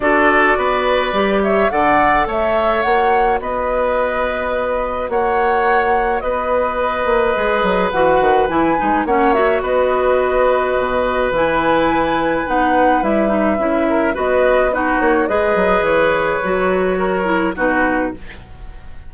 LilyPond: <<
  \new Staff \with { instrumentName = "flute" } { \time 4/4 \tempo 4 = 106 d''2~ d''8 e''8 fis''4 | e''4 fis''4 dis''2~ | dis''4 fis''2 dis''4~ | dis''2 fis''4 gis''4 |
fis''8 e''8 dis''2. | gis''2 fis''4 e''4~ | e''4 dis''4 b'8 cis''8 dis''4 | cis''2. b'4 | }
  \new Staff \with { instrumentName = "oboe" } { \time 4/4 a'4 b'4. cis''8 d''4 | cis''2 b'2~ | b'4 cis''2 b'4~ | b'1 |
cis''4 b'2.~ | b'1~ | b'8 ais'8 b'4 fis'4 b'4~ | b'2 ais'4 fis'4 | }
  \new Staff \with { instrumentName = "clarinet" } { \time 4/4 fis'2 g'4 a'4~ | a'4 fis'2.~ | fis'1~ | fis'4 gis'4 fis'4 e'8 dis'8 |
cis'8 fis'2.~ fis'8 | e'2 dis'4 e'8 dis'8 | e'4 fis'4 dis'4 gis'4~ | gis'4 fis'4. e'8 dis'4 | }
  \new Staff \with { instrumentName = "bassoon" } { \time 4/4 d'4 b4 g4 d4 | a4 ais4 b2~ | b4 ais2 b4~ | b8 ais8 gis8 fis8 e8 dis8 e8 gis8 |
ais4 b2 b,4 | e2 b4 g4 | cis'4 b4. ais8 gis8 fis8 | e4 fis2 b,4 | }
>>